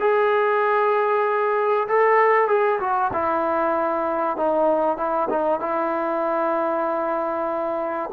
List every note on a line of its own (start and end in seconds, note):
0.00 1.88 G#4
1.88 2.48 A4
2.48 2.79 G#4
2.80 3.11 F#4
3.13 4.37 E4
4.37 4.97 D#4
4.97 5.28 E4
5.30 5.60 D#4
5.60 8.10 E4